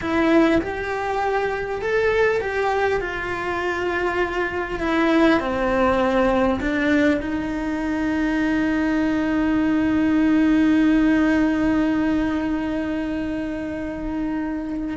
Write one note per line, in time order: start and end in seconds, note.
0.01 0.61 E4
0.61 1.81 G4
1.81 2.40 A4
2.40 3.00 G4
3.01 4.79 F4
4.79 5.39 E4
5.40 6.60 C4
6.60 7.20 D4
7.21 14.97 D#4